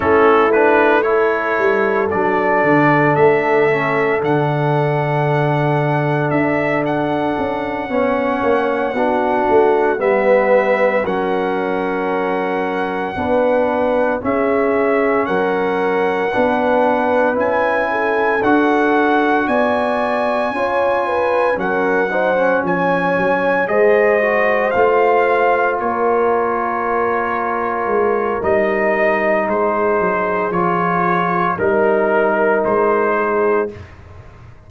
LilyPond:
<<
  \new Staff \with { instrumentName = "trumpet" } { \time 4/4 \tempo 4 = 57 a'8 b'8 cis''4 d''4 e''4 | fis''2 e''8 fis''4.~ | fis''4. e''4 fis''4.~ | fis''4. e''4 fis''4.~ |
fis''8 gis''4 fis''4 gis''4.~ | gis''8 fis''4 gis''4 dis''4 f''8~ | f''8 cis''2~ cis''8 dis''4 | c''4 cis''4 ais'4 c''4 | }
  \new Staff \with { instrumentName = "horn" } { \time 4/4 e'4 a'2.~ | a'2.~ a'8 cis''8~ | cis''8 fis'4 b'4 ais'4.~ | ais'8 b'4 gis'4 ais'4 b'8~ |
b'4 a'4. d''4 cis''8 | b'8 ais'8 c''8 cis''4 c''4.~ | c''8 ais'2.~ ais'8 | gis'2 ais'4. gis'8 | }
  \new Staff \with { instrumentName = "trombone" } { \time 4/4 cis'8 d'8 e'4 d'4. cis'8 | d'2.~ d'8 cis'8~ | cis'8 d'4 b4 cis'4.~ | cis'8 d'4 cis'2 d'8~ |
d'8 e'4 fis'2 f'8~ | f'8 cis'8 dis'16 cis'4~ cis'16 gis'8 fis'8 f'8~ | f'2. dis'4~ | dis'4 f'4 dis'2 | }
  \new Staff \with { instrumentName = "tuba" } { \time 4/4 a4. g8 fis8 d8 a4 | d2 d'4 cis'8 b8 | ais8 b8 a8 g4 fis4.~ | fis8 b4 cis'4 fis4 b8~ |
b8 cis'4 d'4 b4 cis'8~ | cis'8 fis4 f8 fis8 gis4 a8~ | a8 ais2 gis8 g4 | gis8 fis8 f4 g4 gis4 | }
>>